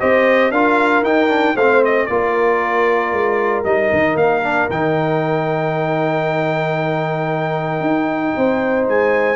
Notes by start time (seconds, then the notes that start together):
0.00 C4 G4 C5 D#5
0.52 D4 F4 A#4 F5
1.03 D#4 G5
1.29 D4
1.56 A3 C4 C5 F5
1.85 D#5
2.07 A#3 F4 A#4 D5
3.12 G#3
3.65 G3 D#4 D#5
3.93 D#3
4.16 A#3 F5
4.43 D4
4.70 D#3 D#4 G5
7.81 D#4
8.37 C4 C5
8.88 G#3 G#5